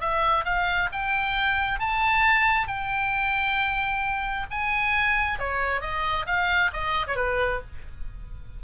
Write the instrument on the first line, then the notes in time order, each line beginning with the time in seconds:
oboe
0.00 E5
0.44 F5
0.92 G5
1.79 A5
2.67 G5
4.50 G#5
5.39 C#5
5.80 D#5
6.26 F5
6.73 D#5
7.07 C#5
7.15 B4